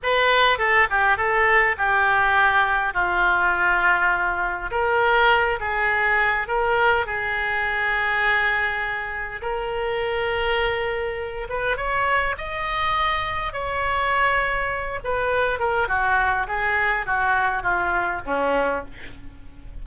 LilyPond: \new Staff \with { instrumentName = "oboe" } { \time 4/4 \tempo 4 = 102 b'4 a'8 g'8 a'4 g'4~ | g'4 f'2. | ais'4. gis'4. ais'4 | gis'1 |
ais'2.~ ais'8 b'8 | cis''4 dis''2 cis''4~ | cis''4. b'4 ais'8 fis'4 | gis'4 fis'4 f'4 cis'4 | }